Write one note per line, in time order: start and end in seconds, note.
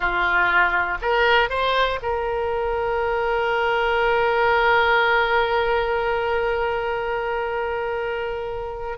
0.00 0.97 F4
1.01 1.49 A#4
1.49 1.99 C5
2.02 8.98 A#4